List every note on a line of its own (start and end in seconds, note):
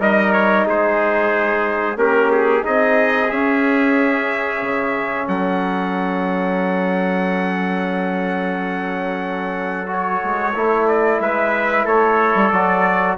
0.00 0.66 G3
0.00 1.97 D#4
0.00 0.67 A#4
0.00 0.33 D#5
0.33 0.66 C#5
0.67 1.96 G#3
0.67 1.99 G#4
0.67 1.98 C5
1.96 2.62 A#3
1.96 2.62 C#4
1.96 2.65 G4
1.96 2.31 A#4
2.32 2.65 G#4
2.62 3.32 C4
2.62 3.28 D#4
2.62 5.27 G#4
2.62 3.31 D#5
3.31 9.87 C#4
3.31 4.62 C#4
3.31 5.28 E5
4.62 5.28 C#3
5.27 10.22 F#3
5.27 11.21 A4
5.27 9.90 F#5
9.87 10.53 F#4
9.87 10.88 C#5
10.24 10.55 G#3
10.55 11.20 A3
10.55 12.53 E4
10.88 11.21 D5
11.20 11.86 G#3
11.20 11.86 B4
11.20 11.87 E5
11.86 12.35 A3
11.86 13.17 A4
11.86 12.51 C#5
12.35 12.52 G3
12.51 13.18 F#3
12.51 13.18 F#4
12.51 13.17 D5